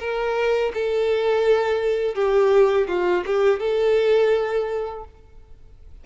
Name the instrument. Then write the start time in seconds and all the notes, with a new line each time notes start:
violin
0.00 A#4
0.75 A4
2.15 G4
2.88 F4
3.26 G4
3.60 A4